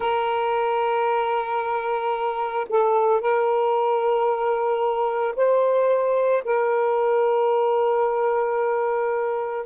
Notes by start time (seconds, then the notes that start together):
0.00 A#4
2.69 A4
3.20 A#4
5.36 C5
6.44 A#4